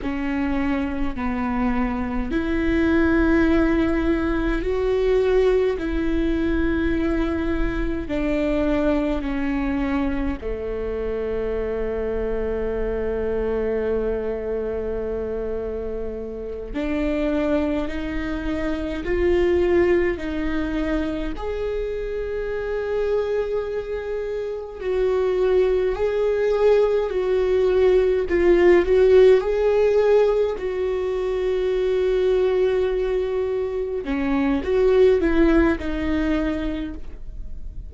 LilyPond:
\new Staff \with { instrumentName = "viola" } { \time 4/4 \tempo 4 = 52 cis'4 b4 e'2 | fis'4 e'2 d'4 | cis'4 a2.~ | a2~ a8 d'4 dis'8~ |
dis'8 f'4 dis'4 gis'4.~ | gis'4. fis'4 gis'4 fis'8~ | fis'8 f'8 fis'8 gis'4 fis'4.~ | fis'4. cis'8 fis'8 e'8 dis'4 | }